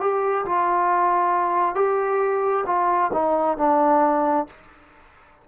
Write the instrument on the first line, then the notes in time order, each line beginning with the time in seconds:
trombone
0.00 G4
0.45 F4
1.75 G4
2.66 F4
3.13 D#4
3.57 D4